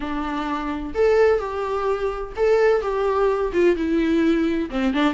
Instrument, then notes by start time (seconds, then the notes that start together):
viola
0.00 D4
0.94 A4
1.39 G4
2.36 A4
2.81 G4
3.52 F4
3.75 E4
4.70 C4
4.93 D4